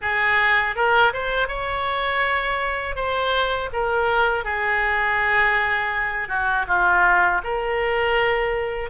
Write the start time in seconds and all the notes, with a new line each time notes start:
0.01 G#4
0.75 A#4
1.13 C5
1.48 C#5
2.95 C5
3.72 A#4
4.44 G#4
6.28 F#4
6.67 F4
7.43 A#4